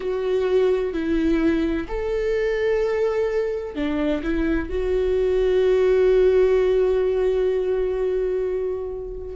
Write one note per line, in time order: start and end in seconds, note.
0.00 0.93 F#4
0.93 1.87 E4
1.87 3.75 A4
3.75 4.22 D4
4.22 4.69 E4
4.69 9.35 F#4